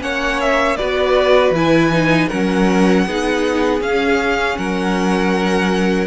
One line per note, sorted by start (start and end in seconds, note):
0.00 0.77 A#3
0.00 0.76 C#4
0.00 0.78 C#5
0.00 0.40 F#5
0.40 0.76 E5
0.76 1.50 B3
0.76 1.55 F#4
0.76 2.28 B4
0.76 1.52 D5
1.50 2.26 E3
1.50 1.92 E4
1.50 2.29 G#5
1.92 2.30 D#4
2.28 3.06 F#3
2.28 3.07 C#4
2.28 3.04 A#4
2.28 3.81 F#5
3.06 3.80 B3
3.06 3.80 D#4
3.06 4.58 G#4
3.80 4.56 C#4
3.80 6.06 C#4
3.80 4.58 F5
4.57 6.06 F#3
4.57 6.06 A#4
4.57 6.06 F#5